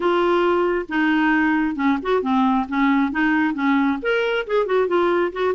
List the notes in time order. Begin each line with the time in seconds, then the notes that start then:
0.00 F4
0.88 D#4
1.75 C#4
2.02 F#4
2.22 C4
2.68 C#4
3.11 D#4
3.54 C#4
4.01 A#4
4.46 G#4
4.65 F#4
4.87 F4
5.32 F#4